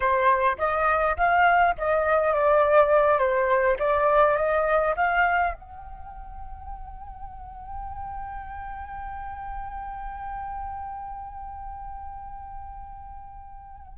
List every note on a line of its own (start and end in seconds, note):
0.00 0.56 C5
0.58 1.16 D#5
1.16 1.74 F5
1.78 2.33 D#5
2.33 3.18 D5
3.18 3.77 C5
3.79 4.36 D5
4.36 4.94 D#5
4.96 5.53 F5
5.53 13.98 G5